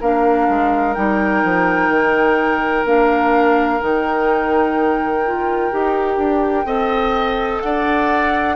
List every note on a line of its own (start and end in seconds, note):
0.00 0.48 A#3
0.00 0.95 D4
0.00 6.66 A#4
0.00 0.94 F5
0.49 0.96 G#3
0.94 1.44 G3
0.94 2.85 D#4
0.94 2.85 G5
1.44 1.89 F3
1.89 2.84 D#3
2.85 3.80 A#3
2.85 3.80 D4
2.85 3.81 F5
3.80 5.73 D#3
3.80 5.23 D#4
3.80 7.61 G5
5.25 5.71 F4
5.71 6.17 D#4
5.71 6.65 G4
6.17 6.64 D4
6.64 7.60 C4
6.64 8.56 A4
6.64 7.62 D#5
7.61 8.56 D4
7.61 8.56 D5
7.61 8.56 F#5